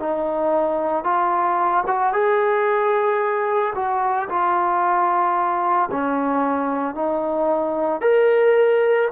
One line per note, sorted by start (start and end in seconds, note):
0.00 1.04 D#4
1.04 1.85 F4
1.87 2.13 F#4
2.13 3.74 G#4
3.75 4.29 F#4
4.30 5.90 F4
5.92 6.95 C#4
6.95 8.02 D#4
8.02 9.09 A#4